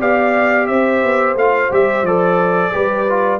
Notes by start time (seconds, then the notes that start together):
0.00 B3 G4 D5 F5
0.67 C4 C5 E5
1.03 B3
1.35 A3 F4 F5
1.71 G3 G4 E5
2.02 F3 A4 D5
2.72 G3 G4 B4
3.09 F4